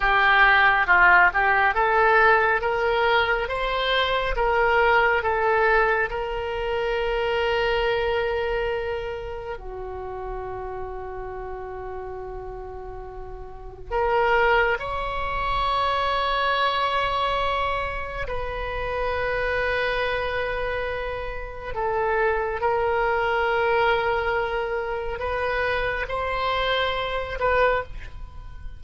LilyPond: \new Staff \with { instrumentName = "oboe" } { \time 4/4 \tempo 4 = 69 g'4 f'8 g'8 a'4 ais'4 | c''4 ais'4 a'4 ais'4~ | ais'2. fis'4~ | fis'1 |
ais'4 cis''2.~ | cis''4 b'2.~ | b'4 a'4 ais'2~ | ais'4 b'4 c''4. b'8 | }